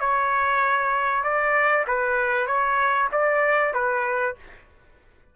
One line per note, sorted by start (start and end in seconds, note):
0.00 1.23 C#5
1.23 1.85 D5
1.87 2.47 B4
2.47 3.09 C#5
3.12 3.74 D5
3.74 4.36 B4